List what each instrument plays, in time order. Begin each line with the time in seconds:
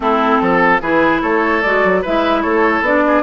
0.00 bassoon A3, clarinet C4, oboe E4, flute A4
0.41 bassoon F3, oboe A4
0.81 bassoon E3, clarinet E4, oboe G#4, flute B4
1.21 bassoon A3, oboe A4, flute C#5
1.62 bassoon G#3, clarinet F#4, flute D5
1.84 bassoon F#3
2.01 bassoon G#3, clarinet E4, oboe B4, flute E5
2.42 bassoon A3, oboe A4, flute C#5
2.80 bassoon B3, clarinet D4, flute D5
3.07 oboe G#4